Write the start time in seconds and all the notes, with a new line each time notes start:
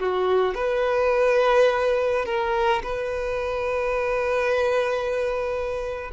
0.00 F#4
0.55 B4
2.26 A#4
2.83 B4